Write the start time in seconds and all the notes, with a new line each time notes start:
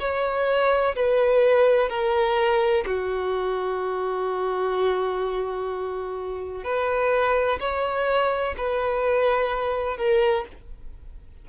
0.00 C#5
0.96 B4
1.90 A#4
2.87 F#4
6.65 B4
7.60 C#5
8.58 B4
9.97 A#4